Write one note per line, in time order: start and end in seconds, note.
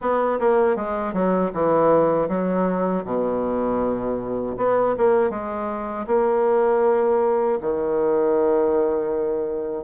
0.01 0.39 B3
0.39 0.76 A#3
0.76 1.13 G#3
1.13 1.51 F#3
1.53 2.28 E3
2.28 3.04 F#3
3.04 4.56 B2
4.57 4.95 B3
4.97 5.30 A#3
5.30 6.06 G#3
6.07 7.58 A#3
7.61 9.84 D#3